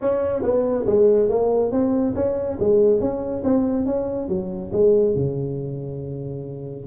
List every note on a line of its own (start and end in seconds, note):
0.01 0.42 C#4
0.42 0.85 B3
0.86 1.29 G#3
1.29 1.71 A#3
1.71 2.14 C4
2.15 2.58 C#4
2.59 3.00 G#3
3.00 3.43 C#4
3.44 3.86 C4
3.86 4.28 C#4
4.28 4.71 F#3
4.72 5.15 G#3
5.15 6.86 C#3